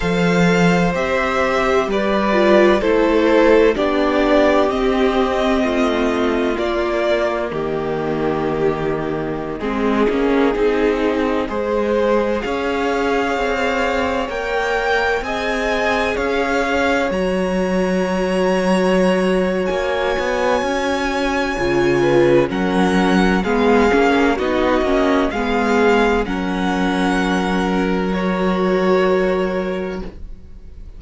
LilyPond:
<<
  \new Staff \with { instrumentName = "violin" } { \time 4/4 \tempo 4 = 64 f''4 e''4 d''4 c''4 | d''4 dis''2 d''4 | dis''1~ | dis''4~ dis''16 f''2 g''8.~ |
g''16 gis''4 f''4 ais''4.~ ais''16~ | ais''4 gis''2. | fis''4 f''4 dis''4 f''4 | fis''2 cis''2 | }
  \new Staff \with { instrumentName = "violin" } { \time 4/4 c''2 b'4 a'4 | g'2 f'2 | g'2~ g'16 gis'4.~ gis'16~ | gis'16 c''4 cis''2~ cis''8.~ |
cis''16 dis''4 cis''2~ cis''8.~ | cis''2.~ cis''8 b'8 | ais'4 gis'4 fis'4 gis'4 | ais'1 | }
  \new Staff \with { instrumentName = "viola" } { \time 4/4 a'4 g'4. f'8 e'4 | d'4 c'2 ais4~ | ais2~ ais16 c'8 cis'8 dis'8.~ | dis'16 gis'2. ais'8.~ |
ais'16 gis'2 fis'4.~ fis'16~ | fis'2. f'4 | cis'4 b8 cis'8 dis'8 cis'8 b4 | cis'2 fis'2 | }
  \new Staff \with { instrumentName = "cello" } { \time 4/4 f4 c'4 g4 a4 | b4 c'4 a4 ais4 | dis2~ dis16 gis8 ais8 c'8.~ | c'16 gis4 cis'4 c'4 ais8.~ |
ais16 c'4 cis'4 fis4.~ fis16~ | fis4 ais8 b8 cis'4 cis4 | fis4 gis8 ais8 b8 ais8 gis4 | fis1 | }
>>